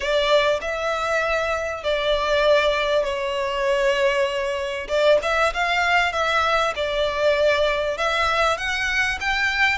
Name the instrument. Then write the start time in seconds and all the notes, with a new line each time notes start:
violin
0.00 D5
0.61 E5
1.83 D5
3.03 C#5
4.88 D5
5.22 E5
5.53 F5
6.12 E5
6.75 D5
7.97 E5
8.57 F#5
9.20 G5